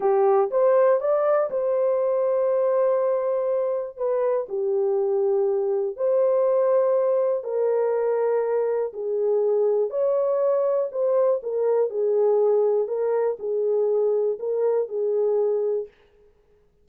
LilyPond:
\new Staff \with { instrumentName = "horn" } { \time 4/4 \tempo 4 = 121 g'4 c''4 d''4 c''4~ | c''1 | b'4 g'2. | c''2. ais'4~ |
ais'2 gis'2 | cis''2 c''4 ais'4 | gis'2 ais'4 gis'4~ | gis'4 ais'4 gis'2 | }